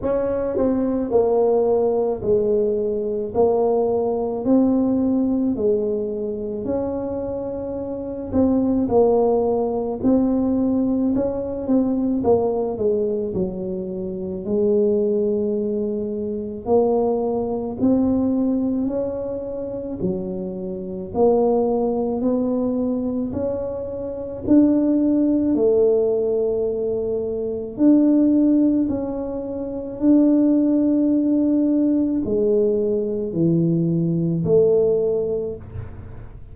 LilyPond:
\new Staff \with { instrumentName = "tuba" } { \time 4/4 \tempo 4 = 54 cis'8 c'8 ais4 gis4 ais4 | c'4 gis4 cis'4. c'8 | ais4 c'4 cis'8 c'8 ais8 gis8 | fis4 gis2 ais4 |
c'4 cis'4 fis4 ais4 | b4 cis'4 d'4 a4~ | a4 d'4 cis'4 d'4~ | d'4 gis4 e4 a4 | }